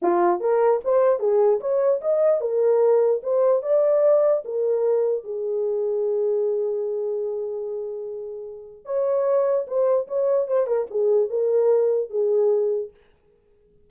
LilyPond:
\new Staff \with { instrumentName = "horn" } { \time 4/4 \tempo 4 = 149 f'4 ais'4 c''4 gis'4 | cis''4 dis''4 ais'2 | c''4 d''2 ais'4~ | ais'4 gis'2.~ |
gis'1~ | gis'2 cis''2 | c''4 cis''4 c''8 ais'8 gis'4 | ais'2 gis'2 | }